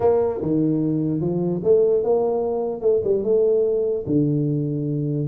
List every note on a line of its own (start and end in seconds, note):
0.00 0.41 A#3
0.41 1.20 D#3
1.20 1.61 F3
1.63 2.03 A3
2.03 2.81 A#3
2.81 3.01 A3
3.04 3.23 G3
3.23 4.04 A3
4.06 5.27 D3